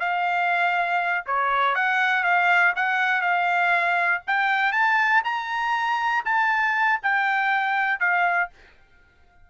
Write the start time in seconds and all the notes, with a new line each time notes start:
0.00 F5
1.26 C#5
1.75 F#5
2.24 F5
2.76 F#5
3.22 F5
4.27 G5
4.72 A5
5.25 A#5
6.25 A5
7.03 G5
8.00 F5